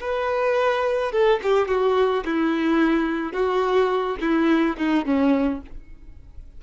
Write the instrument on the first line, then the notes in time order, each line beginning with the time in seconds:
violin
0.00 B4
1.12 A4
1.43 G4
1.68 F#4
2.25 E4
3.32 F#4
4.20 E4
4.77 D#4
5.05 C#4